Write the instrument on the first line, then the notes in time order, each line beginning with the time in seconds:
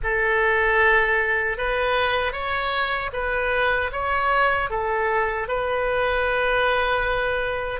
oboe
0.03 A4
1.57 B4
2.32 C#5
3.12 B4
3.92 C#5
4.70 A4
5.48 B4